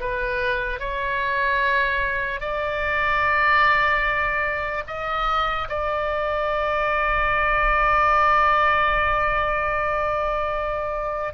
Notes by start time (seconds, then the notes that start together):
0.00 B4
0.80 C#5
2.40 D5
4.87 D#5
5.69 D5